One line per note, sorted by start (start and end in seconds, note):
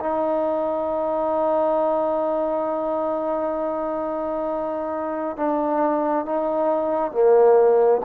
0.00 5.36 D#4
5.36 6.25 D4
6.25 7.12 D#4
7.12 8.01 A#3